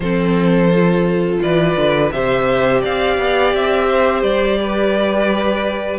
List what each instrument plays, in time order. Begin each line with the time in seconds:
0.00 cello F3, viola C4, violin A4 C5
0.73 viola F4
1.42 cello E3, violin B4 D5
1.76 cello D3
2.11 cello C3, viola G4, violin C5 E5
2.80 cello C4, violin D5 F5
3.18 cello B3
3.54 cello C4, violin E5
3.88 violin C5
4.22 cello G3, violin D5
4.61 violin B4